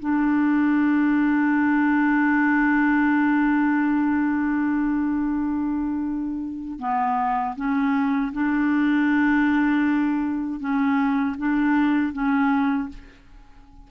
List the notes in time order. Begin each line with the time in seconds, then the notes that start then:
0.00 D4
6.79 B3
7.56 C#4
8.33 D4
10.60 C#4
11.38 D4
12.13 C#4